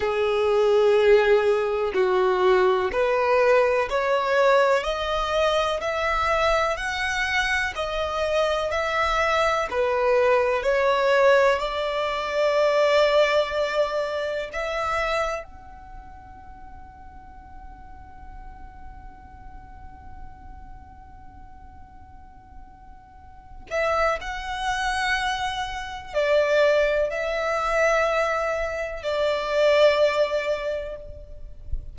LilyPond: \new Staff \with { instrumentName = "violin" } { \time 4/4 \tempo 4 = 62 gis'2 fis'4 b'4 | cis''4 dis''4 e''4 fis''4 | dis''4 e''4 b'4 cis''4 | d''2. e''4 |
fis''1~ | fis''1~ | fis''8 e''8 fis''2 d''4 | e''2 d''2 | }